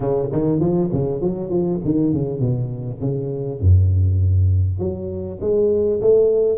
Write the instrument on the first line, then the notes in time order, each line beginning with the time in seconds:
tuba
0.00 C#3
0.32 D#3
0.59 F3
0.92 C#3
1.21 F#3
1.50 F3
1.84 D#3
2.13 C#3
2.40 B2
3.00 C#3
3.60 F#2
4.79 F#3
5.41 G#3
6.01 A3